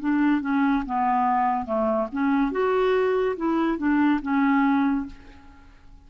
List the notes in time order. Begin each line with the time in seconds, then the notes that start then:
0.00 D4
0.41 C#4
0.86 B3
1.66 A3
2.12 C#4
2.52 F#4
3.37 E4
3.78 D4
4.22 C#4